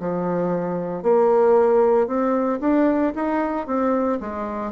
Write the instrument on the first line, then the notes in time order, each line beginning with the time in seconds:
bassoon
0.00 F3
1.03 A#3
2.07 C4
2.61 D4
3.15 D#4
3.67 C4
4.21 G#3